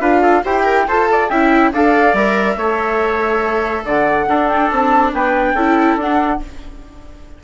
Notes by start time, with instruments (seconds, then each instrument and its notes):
0.00 bassoon D4, viola F4, trumpet B4, flute F5
0.22 trumpet A4
0.44 bassoon E4, trumpet G4, viola C5, flute G5
0.63 viola A#4
0.87 bassoon F4, viola A4, trumpet C5, flute A5
1.12 trumpet D5
1.29 bassoon C#4, viola E4, trumpet E5, flute G5
1.73 bassoon D4, viola A4, trumpet D5, flute F5
2.13 bassoon G3, viola A#4, flute E5
2.56 bassoon A3, viola A4, trumpet C#5
3.85 bassoon D3, trumpet D5, flute F#5
4.28 bassoon D4, viola D4, trumpet A4
4.49 flute G5
4.70 bassoon C4, flute A5
5.12 bassoon B3, trumpet B4, flute G5
5.53 bassoon C#4, viola E4, trumpet A4
5.96 bassoon D4, viola D4, flute F#5